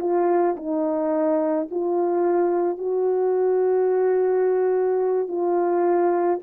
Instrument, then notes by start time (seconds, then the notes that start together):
horn
0.00 F4
0.57 D#4
1.71 F4
2.78 F#4
5.28 F4